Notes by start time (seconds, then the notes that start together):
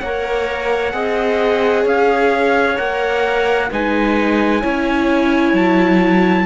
0.00 A#3 A#4 C#5 F#5
0.92 C4 G#4 D#5
1.83 C#4 C#5 F5
2.76 A#3 A#4 F#5
3.71 G#3 D#4 B4 G#5
4.61 C#4 E4 C#5
5.52 F#3 A5